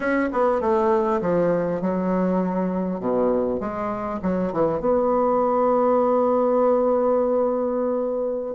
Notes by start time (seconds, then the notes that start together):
0.00 C#4
0.32 B3
0.60 A3
1.21 F3
1.81 F#3
3.00 B2
3.59 G#3
4.22 F#3
4.52 E3
4.80 B3